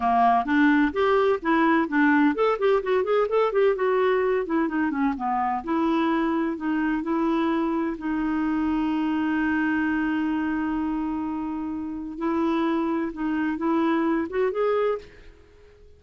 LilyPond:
\new Staff \with { instrumentName = "clarinet" } { \time 4/4 \tempo 4 = 128 ais4 d'4 g'4 e'4 | d'4 a'8 g'8 fis'8 gis'8 a'8 g'8 | fis'4. e'8 dis'8 cis'8 b4 | e'2 dis'4 e'4~ |
e'4 dis'2.~ | dis'1~ | dis'2 e'2 | dis'4 e'4. fis'8 gis'4 | }